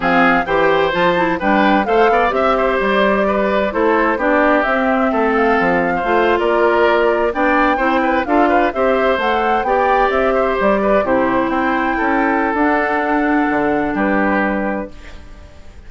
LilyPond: <<
  \new Staff \with { instrumentName = "flute" } { \time 4/4 \tempo 4 = 129 f''4 g''4 a''4 g''4 | f''4 e''4 d''2 | c''4 d''4 e''4. f''8~ | f''4.~ f''16 d''2 g''16~ |
g''4.~ g''16 f''4 e''4 fis''16~ | fis''8. g''4 e''4 d''4 c''16~ | c''8. g''2~ g''16 fis''4~ | fis''2 b'2 | }
  \new Staff \with { instrumentName = "oboe" } { \time 4/4 gis'4 c''2 b'4 | c''8 d''8 e''8 c''4. b'4 | a'4 g'2 a'4~ | a'8. c''4 ais'2 d''16~ |
d''8. c''8 b'8 a'8 b'8 c''4~ c''16~ | c''8. d''4. c''4 b'8 g'16~ | g'8. c''4 a'2~ a'16~ | a'2 g'2 | }
  \new Staff \with { instrumentName = "clarinet" } { \time 4/4 c'4 g'4 f'8 e'8 d'4 | a'4 g'2. | e'4 d'4 c'2~ | c'4 f'2~ f'8. d'16~ |
d'8. e'4 f'4 g'4 a'16~ | a'8. g'2. e'16~ | e'2. d'4~ | d'1 | }
  \new Staff \with { instrumentName = "bassoon" } { \time 4/4 f4 e4 f4 g4 | a8 b8 c'4 g2 | a4 b4 c'4 a4 | f4 a8. ais2 b16~ |
b8. c'4 d'4 c'4 a16~ | a8. b4 c'4 g4 c16~ | c8. c'4 cis'4~ cis'16 d'4~ | d'4 d4 g2 | }
>>